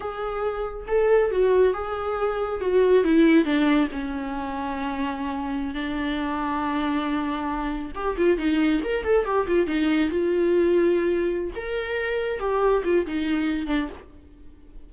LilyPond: \new Staff \with { instrumentName = "viola" } { \time 4/4 \tempo 4 = 138 gis'2 a'4 fis'4 | gis'2 fis'4 e'4 | d'4 cis'2.~ | cis'4~ cis'16 d'2~ d'8.~ |
d'2~ d'16 g'8 f'8 dis'8.~ | dis'16 ais'8 a'8 g'8 f'8 dis'4 f'8.~ | f'2~ f'8 ais'4.~ | ais'8 g'4 f'8 dis'4. d'8 | }